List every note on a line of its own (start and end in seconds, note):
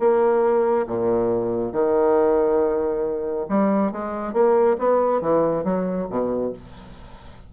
0.00 0.87 A#3
0.87 1.73 A#2
1.73 3.47 D#3
3.49 3.92 G3
3.92 4.34 G#3
4.34 4.77 A#3
4.79 5.22 B3
5.22 5.65 E3
5.65 6.08 F#3
6.10 6.53 B2